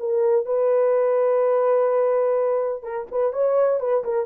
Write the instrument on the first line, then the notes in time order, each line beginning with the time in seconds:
horn
0.00 A#4
0.46 B4
2.83 A#4
3.11 B4
3.33 C#5
3.80 B4
4.04 A#4